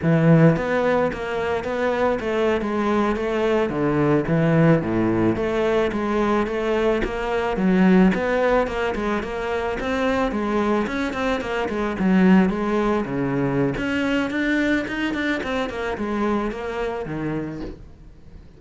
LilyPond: \new Staff \with { instrumentName = "cello" } { \time 4/4 \tempo 4 = 109 e4 b4 ais4 b4 | a8. gis4 a4 d4 e16~ | e8. a,4 a4 gis4 a16~ | a8. ais4 fis4 b4 ais16~ |
ais16 gis8 ais4 c'4 gis4 cis'16~ | cis'16 c'8 ais8 gis8 fis4 gis4 cis16~ | cis4 cis'4 d'4 dis'8 d'8 | c'8 ais8 gis4 ais4 dis4 | }